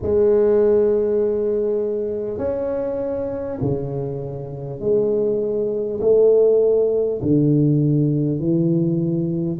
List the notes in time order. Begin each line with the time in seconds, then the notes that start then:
0.02 G#3
2.37 C#4
3.61 C#3
4.80 G#3
6.01 A3
7.22 D3
8.39 E3